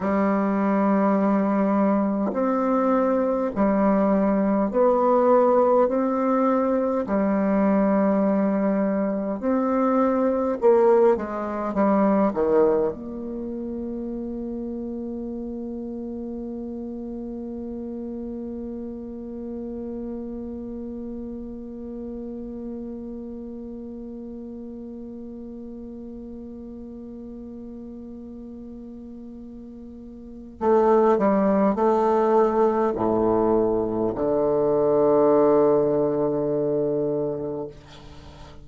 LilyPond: \new Staff \with { instrumentName = "bassoon" } { \time 4/4 \tempo 4 = 51 g2 c'4 g4 | b4 c'4 g2 | c'4 ais8 gis8 g8 dis8 ais4~ | ais1~ |
ais1~ | ais1~ | ais2 a8 g8 a4 | a,4 d2. | }